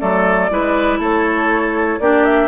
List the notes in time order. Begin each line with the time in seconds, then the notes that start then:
0.00 F#3 A3 A4 D5
0.51 G#3 E4 B4
0.99 A3 A4 C#5
2.00 A#3 D4 G4 D5
2.25 E5